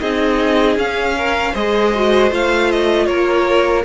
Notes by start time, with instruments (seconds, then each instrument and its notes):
0.00 cello C4, viola D#4, violin G#4 D#5
0.77 cello C#4, viola C#4, violin F5
1.17 violin A#4
1.52 cello G#3, viola G#4, violin C5 D#5
1.95 viola F#4
2.31 cello A3, viola F4, violin F5
2.72 violin D#5
3.06 cello A#3, violin A#4 C#5